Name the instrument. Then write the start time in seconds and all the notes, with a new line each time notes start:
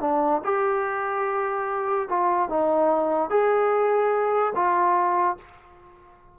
trombone
0.00 D4
0.44 G4
2.08 F4
2.49 D#4
3.30 G#4
4.55 F4